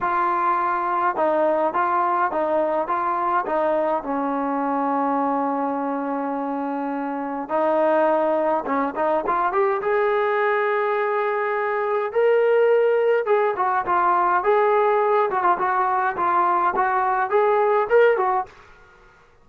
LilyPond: \new Staff \with { instrumentName = "trombone" } { \time 4/4 \tempo 4 = 104 f'2 dis'4 f'4 | dis'4 f'4 dis'4 cis'4~ | cis'1~ | cis'4 dis'2 cis'8 dis'8 |
f'8 g'8 gis'2.~ | gis'4 ais'2 gis'8 fis'8 | f'4 gis'4. fis'16 f'16 fis'4 | f'4 fis'4 gis'4 ais'8 fis'8 | }